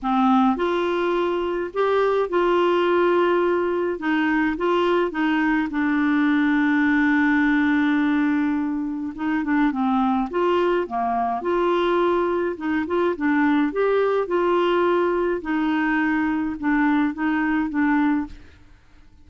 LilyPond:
\new Staff \with { instrumentName = "clarinet" } { \time 4/4 \tempo 4 = 105 c'4 f'2 g'4 | f'2. dis'4 | f'4 dis'4 d'2~ | d'1 |
dis'8 d'8 c'4 f'4 ais4 | f'2 dis'8 f'8 d'4 | g'4 f'2 dis'4~ | dis'4 d'4 dis'4 d'4 | }